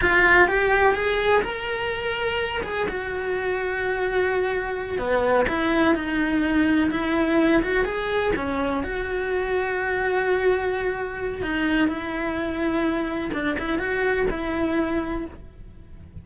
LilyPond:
\new Staff \with { instrumentName = "cello" } { \time 4/4 \tempo 4 = 126 f'4 g'4 gis'4 ais'4~ | ais'4. gis'8 fis'2~ | fis'2~ fis'8 b4 e'8~ | e'8 dis'2 e'4. |
fis'8 gis'4 cis'4 fis'4.~ | fis'1 | dis'4 e'2. | d'8 e'8 fis'4 e'2 | }